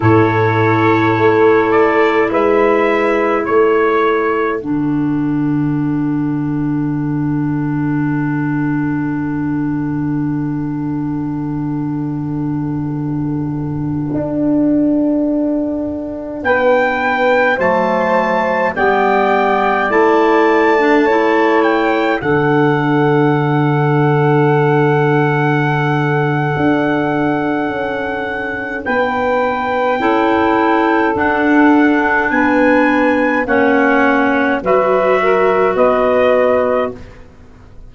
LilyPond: <<
  \new Staff \with { instrumentName = "trumpet" } { \time 4/4 \tempo 4 = 52 cis''4. d''8 e''4 cis''4 | fis''1~ | fis''1~ | fis''2~ fis''16 g''4 a''8.~ |
a''16 g''4 a''4. g''8 fis''8.~ | fis''1~ | fis''4 g''2 fis''4 | gis''4 fis''4 e''4 dis''4 | }
  \new Staff \with { instrumentName = "saxophone" } { \time 4/4 a'2 b'4 a'4~ | a'1~ | a'1~ | a'2~ a'16 b'4 c''8.~ |
c''16 d''2 cis''4 a'8.~ | a'1~ | a'4 b'4 a'2 | b'4 cis''4 b'8 ais'8 b'4 | }
  \new Staff \with { instrumentName = "clarinet" } { \time 4/4 e'1 | d'1~ | d'1~ | d'2.~ d'16 a8.~ |
a16 b4 e'8. d'16 e'4 d'8.~ | d'1~ | d'2 e'4 d'4~ | d'4 cis'4 fis'2 | }
  \new Staff \with { instrumentName = "tuba" } { \time 4/4 a,4 a4 gis4 a4 | d1~ | d1~ | d16 d'2 b4 fis8.~ |
fis16 g4 a2 d8.~ | d2. d'4 | cis'4 b4 cis'4 d'4 | b4 ais4 fis4 b4 | }
>>